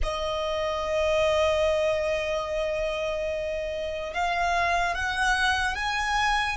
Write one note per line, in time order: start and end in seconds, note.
0.02 4.13 D#5
4.13 4.95 F5
4.95 5.75 F#5
5.75 6.56 G#5